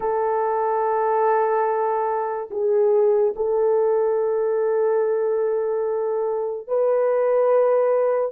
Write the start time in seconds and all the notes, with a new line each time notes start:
0.00 A4
2.50 G#4
3.36 A4
6.67 B4